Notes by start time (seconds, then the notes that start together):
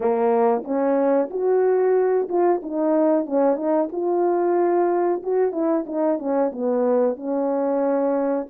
0.00 A#3
0.64 C#4
1.30 F#4
2.29 F4
2.62 D#4
3.25 C#4
3.56 D#4
3.92 F4
5.22 F#4
5.52 E4
5.86 D#4
6.18 C#4
6.52 B3
7.16 C#4